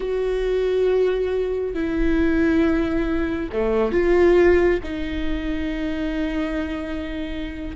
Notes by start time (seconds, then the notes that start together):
0.00 F#4
1.73 E4
3.52 A3
3.92 F4
4.83 D#4